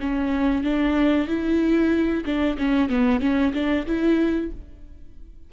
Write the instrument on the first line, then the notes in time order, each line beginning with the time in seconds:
viola
0.00 C#4
0.64 D4
1.28 E4
2.25 D4
2.58 C#4
2.89 B3
3.21 C#4
3.54 D4
3.87 E4